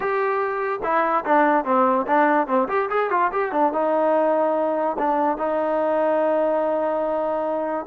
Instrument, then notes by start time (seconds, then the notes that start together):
trombone
0.00 G4
0.83 E4
1.25 D4
1.64 C4
2.06 D4
2.47 C4
2.68 G4
2.90 G#4
3.10 F4
3.32 G4
3.52 D4
3.72 D#4
4.98 D4
5.37 D#4